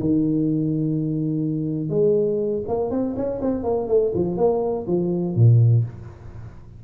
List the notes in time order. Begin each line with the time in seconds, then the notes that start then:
0.00 D#3
1.89 G#3
2.67 A#3
2.90 C4
3.16 C#4
3.41 C4
3.63 A#3
3.88 A3
4.14 F3
4.37 A#3
4.87 F3
5.35 A#2